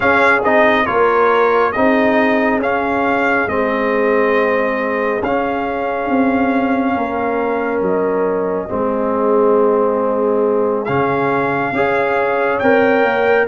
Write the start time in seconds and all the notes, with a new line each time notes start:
0.00 C#4 G#4 F5
0.44 C4 D#4 D#5
0.85 A#3 F4 A#4 C#5
1.72 C4 D#4 G#4 D#5
2.58 C#4 F5
3.47 G#3 C4 D#5
5.22 C#4 F5
6.09 C4
6.94 A#3 A#4
7.81 F#3 D#5
8.68 G#3 C4 G#4
10.85 C#3 C#4 F5
11.72 C#4 G#4 C#5
12.59 C4 A#4 G5
13.03 A#3